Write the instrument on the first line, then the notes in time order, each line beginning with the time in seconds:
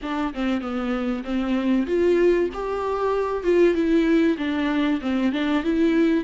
viola
0.02 D4
0.34 C4
0.61 B3
1.23 C4
1.87 F4
2.53 G4
3.43 F4
3.74 E4
4.38 D4
5.01 C4
5.32 D4
5.63 E4